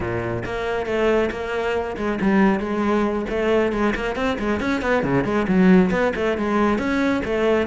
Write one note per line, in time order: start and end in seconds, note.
0.00 0.43 A#2
0.45 0.86 A#3
0.86 1.30 A3
1.30 1.96 A#3
1.96 2.18 G#3
2.21 2.59 G3
2.59 3.25 G#3
3.29 3.72 A3
3.72 3.94 G#3
3.95 4.15 A#3
4.15 4.37 C4
4.38 4.60 G#3
4.60 4.81 C#4
4.81 5.03 B3
5.03 5.24 C#3
5.24 5.46 G#3
5.47 5.90 F#3
5.90 6.12 B3
6.15 6.37 A3
6.37 6.78 G#3
6.78 7.22 C#4
7.24 7.67 A3